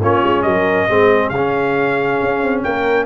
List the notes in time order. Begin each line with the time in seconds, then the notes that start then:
0.00 A#3 C#4 F4 C#5
0.23 G#3
0.42 F#3 A#4 D#5
0.89 G#3 C4 G#4
1.29 C#3 F5
1.36 C#4
2.23 C#4
2.42 C4
2.62 A#3 A#4 G5